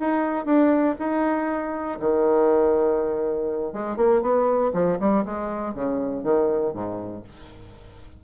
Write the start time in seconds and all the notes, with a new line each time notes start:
0.00 D#4
0.46 D4
0.99 D#4
2.00 D#3
3.73 G#3
3.97 A#3
4.22 B3
4.74 F3
5.00 G3
5.25 G#3
5.75 C#3
6.24 D#3
6.74 G#2